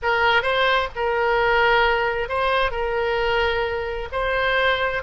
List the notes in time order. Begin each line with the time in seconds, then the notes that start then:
0.02 A#4
0.42 C5
0.95 A#4
2.28 C5
2.71 A#4
4.12 C5